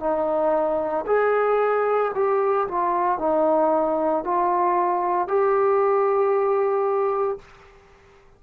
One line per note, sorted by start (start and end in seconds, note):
0.00 1.05 D#4
1.06 2.11 G#4
2.14 2.67 G4
2.68 3.19 F4
3.19 4.24 D#4
4.24 5.28 F4
5.28 7.38 G4